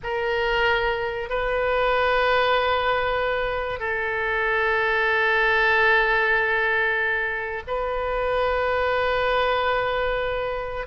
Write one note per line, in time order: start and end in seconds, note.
0.03 1.29 A#4
1.29 3.79 B4
3.79 7.62 A4
7.67 10.86 B4